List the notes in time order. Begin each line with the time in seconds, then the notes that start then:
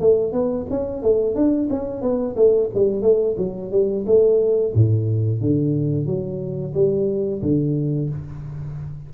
0.00 A3
0.32 B3
0.70 C#4
1.02 A3
1.35 D4
1.70 C#4
2.01 B3
2.36 A3
2.74 G3
3.02 A3
3.38 F#3
3.71 G3
4.06 A3
4.74 A2
5.41 D3
6.06 F#3
6.74 G3
7.42 D3